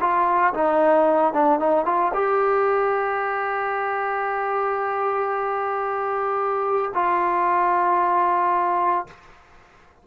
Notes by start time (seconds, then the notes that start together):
0.00 F4
0.54 D#4
1.33 D4
1.59 D#4
1.85 F4
2.14 G4
6.94 F4